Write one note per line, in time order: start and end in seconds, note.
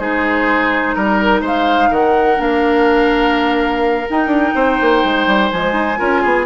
0.00 0.96 G#3
0.00 2.37 D#4
0.00 0.96 G#4
0.00 0.95 C5
0.95 1.42 G3
0.95 1.43 A#4
0.95 1.42 A#4
1.42 1.90 G#3
1.42 1.90 C5
1.48 1.94 F5
1.91 2.39 D#3
1.91 4.55 A#4
1.91 2.42 F#5
2.37 4.08 A#3
2.37 4.05 D4
2.37 4.10 F5
4.10 5.54 D#4
4.10 4.27 D#4
4.10 5.51 G5
4.27 4.51 D4
4.55 4.79 C4
4.55 5.99 C5
4.82 5.04 A#3
5.04 5.27 G#3
5.27 5.51 G3
5.51 5.73 F3
5.51 5.98 G#3
5.51 6.46 G#5
5.73 5.96 D#4
5.98 6.25 C#4
5.98 6.46 F4
5.98 6.23 A#4
6.23 6.46 B3
6.23 6.46 G#4